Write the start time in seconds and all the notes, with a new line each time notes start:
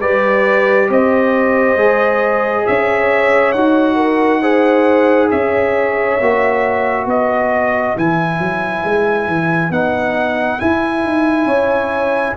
0.00 G3 G4 B4 D5
0.89 C4 C5 D#5
1.75 G#3 G#4
2.66 C#4 C#5 E5
3.52 D#4 F#4 F#5
3.95 A#4
4.42 G#4 C5
5.30 C#4 C#5 E5
6.20 A#3 F#4
7.05 B3 B4 D#5
7.96 E3 E4 G#5
8.39 F#3
8.84 G#3
9.27 E3
9.70 B3 D#4 F#5
10.59 E4 G#5
11.04 D#4
11.45 C#4 C#5